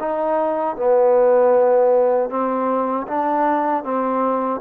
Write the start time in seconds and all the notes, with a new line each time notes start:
0.00 D#4
0.77 B3
2.30 C4
3.08 D4
3.84 C4